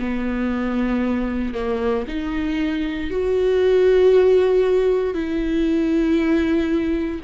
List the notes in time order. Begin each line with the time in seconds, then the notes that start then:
0.00 B3
1.54 A#3
2.08 D#4
3.11 F#4
5.14 E4